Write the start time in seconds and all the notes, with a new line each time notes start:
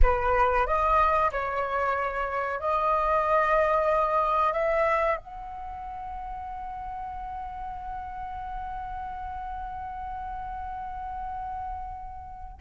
0.02 B4
0.66 D#5
1.32 C#5
2.60 D#5
4.52 E5
5.16 F#5